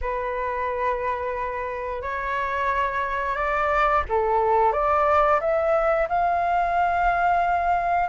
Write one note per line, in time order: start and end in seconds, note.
0.01 2.02 B4
2.02 3.36 C#5
3.36 4.03 D5
4.08 4.72 A4
4.72 5.39 D5
5.40 6.07 E5
6.09 8.09 F5